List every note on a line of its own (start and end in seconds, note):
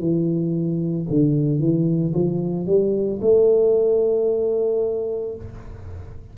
0.00 1.07 E3
1.10 1.60 D3
1.60 2.13 E3
2.14 2.66 F3
2.66 3.20 G3
3.21 5.36 A3